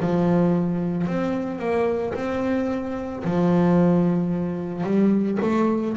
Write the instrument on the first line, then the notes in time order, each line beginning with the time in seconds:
double bass
0.00 F3
1.07 C4
1.59 A#3
2.14 C4
3.24 F3
4.83 G3
5.41 A3